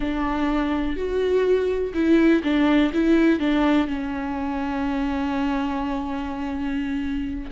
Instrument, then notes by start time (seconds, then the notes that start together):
viola
0.00 D4
0.96 F#4
1.94 E4
2.43 D4
2.93 E4
3.39 D4
3.87 C#4